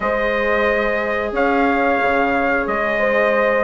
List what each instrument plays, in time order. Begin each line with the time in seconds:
0.00 bassoon G#3, viola G#4, horn C5, trumpet D#5
1.32 bassoon C#4, horn C#5, trumpet F5
2.01 bassoon C#3
2.66 bassoon G#3, trumpet D#5
2.99 horn C5